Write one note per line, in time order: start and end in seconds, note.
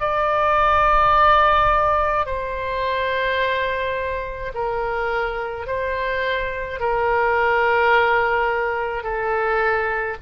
0.00 2.26 D5
2.26 4.52 C5
4.54 5.67 A#4
5.67 6.80 C5
6.80 9.04 A#4
9.04 10.17 A4